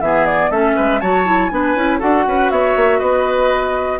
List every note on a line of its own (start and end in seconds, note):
0.00 0.50 E3
0.00 0.51 B3
0.00 0.51 G#4
0.00 0.26 E5
0.26 0.51 D5
0.50 0.75 A3
0.50 1.01 C#4
0.50 0.76 A4
0.50 1.00 E5
0.76 1.02 G#3
0.76 1.01 B4
1.00 1.51 F#3
1.00 1.26 F#4
1.00 1.51 C#5
1.00 1.49 A5
1.26 1.51 E4
1.49 1.75 B3
1.49 1.76 D4
1.49 1.99 B4
1.49 1.99 G#5
1.75 2.00 C#4
1.75 2.00 E4
1.99 2.26 D4
1.99 4.00 F#4
1.99 2.24 A4
1.99 2.51 F#5
2.26 2.51 C#4
2.26 2.52 B4
2.51 2.76 B3
2.51 2.99 C#5
2.51 2.99 E5
2.76 3.01 A#3
2.99 4.00 B3
2.99 3.99 B4
2.99 3.99 D#5